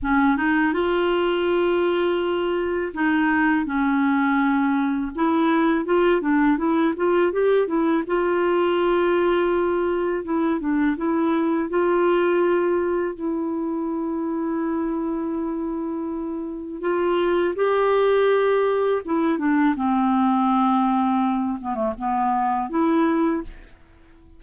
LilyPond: \new Staff \with { instrumentName = "clarinet" } { \time 4/4 \tempo 4 = 82 cis'8 dis'8 f'2. | dis'4 cis'2 e'4 | f'8 d'8 e'8 f'8 g'8 e'8 f'4~ | f'2 e'8 d'8 e'4 |
f'2 e'2~ | e'2. f'4 | g'2 e'8 d'8 c'4~ | c'4. b16 a16 b4 e'4 | }